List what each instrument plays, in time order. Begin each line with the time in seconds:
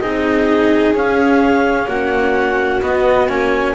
0.00 double bass C4, cello D#4, viola G#4, clarinet D#5
0.93 double bass C#4, cello C#4, clarinet F5
1.88 double bass A#3, viola F#4, clarinet F#5
2.82 cello B3, double bass B3, clarinet D#5
3.29 double bass A#3, cello C#4, clarinet G#5